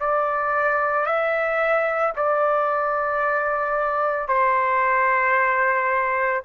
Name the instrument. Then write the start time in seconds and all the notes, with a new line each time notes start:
trumpet
0.00 D5
1.06 E5
2.16 D5
4.28 C5